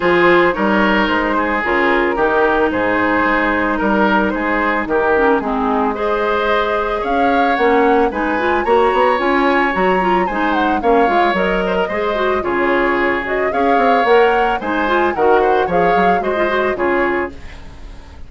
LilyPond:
<<
  \new Staff \with { instrumentName = "flute" } { \time 4/4 \tempo 4 = 111 c''4 cis''4 c''4 ais'4~ | ais'4 c''2 ais'4 | c''4 ais'4 gis'4 dis''4~ | dis''4 f''4 fis''4 gis''4 |
ais''4 gis''4 ais''4 gis''8 fis''8 | f''4 dis''2 cis''4~ | cis''8 dis''8 f''4 fis''4 gis''4 | fis''4 f''4 dis''4 cis''4 | }
  \new Staff \with { instrumentName = "oboe" } { \time 4/4 gis'4 ais'4. gis'4. | g'4 gis'2 ais'4 | gis'4 g'4 dis'4 c''4~ | c''4 cis''2 b'4 |
cis''2. c''4 | cis''4. c''16 ais'16 c''4 gis'4~ | gis'4 cis''2 c''4 | ais'8 c''8 cis''4 c''4 gis'4 | }
  \new Staff \with { instrumentName = "clarinet" } { \time 4/4 f'4 dis'2 f'4 | dis'1~ | dis'4. cis'8 c'4 gis'4~ | gis'2 cis'4 dis'8 f'8 |
fis'4 f'4 fis'8 f'8 dis'4 | cis'8 f'8 ais'4 gis'8 fis'8 f'4~ | f'8 fis'8 gis'4 ais'4 dis'8 f'8 | fis'4 gis'4 fis'16 f'16 fis'8 f'4 | }
  \new Staff \with { instrumentName = "bassoon" } { \time 4/4 f4 g4 gis4 cis4 | dis4 gis,4 gis4 g4 | gis4 dis4 gis2~ | gis4 cis'4 ais4 gis4 |
ais8 b8 cis'4 fis4 gis4 | ais8 gis8 fis4 gis4 cis4~ | cis4 cis'8 c'8 ais4 gis4 | dis4 f8 fis8 gis4 cis4 | }
>>